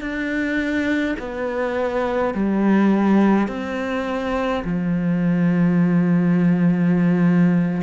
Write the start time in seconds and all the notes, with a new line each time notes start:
0.00 D4
1.19 B3
2.34 G3
3.48 C4
4.64 F3